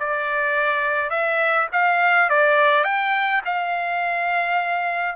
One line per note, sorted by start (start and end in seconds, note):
0.00 1.10 D5
1.10 1.68 E5
1.73 2.30 F5
2.30 2.85 D5
2.85 3.42 G5
3.46 5.16 F5